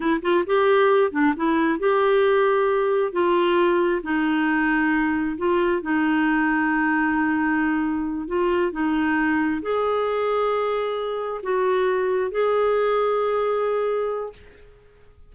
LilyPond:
\new Staff \with { instrumentName = "clarinet" } { \time 4/4 \tempo 4 = 134 e'8 f'8 g'4. d'8 e'4 | g'2. f'4~ | f'4 dis'2. | f'4 dis'2.~ |
dis'2~ dis'8 f'4 dis'8~ | dis'4. gis'2~ gis'8~ | gis'4. fis'2 gis'8~ | gis'1 | }